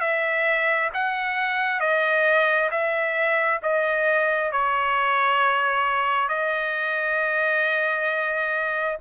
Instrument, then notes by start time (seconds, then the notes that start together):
trumpet
0.00 E5
0.94 F#5
1.80 D#5
2.71 E5
3.62 D#5
4.52 C#5
6.28 D#5